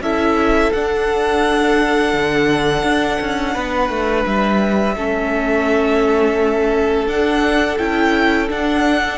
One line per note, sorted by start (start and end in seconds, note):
0.00 0.71 C#4
0.00 0.73 E4
0.00 3.53 A4
0.00 0.72 E5
0.72 2.13 D4
0.72 4.97 D4
0.72 4.25 F#5
2.13 2.82 D3
2.82 3.18 D4
3.20 3.55 C#4
3.53 3.89 B3
3.53 4.95 B4
3.89 4.24 A3
4.26 4.96 G3
4.26 7.07 E5
4.96 7.06 A3
4.96 7.07 C#4
4.96 9.17 A4
7.06 7.77 D4
7.06 7.77 F#5
7.77 8.49 C#4
7.77 8.48 E4
7.77 8.48 G5
8.48 9.17 D4
8.48 9.17 F#5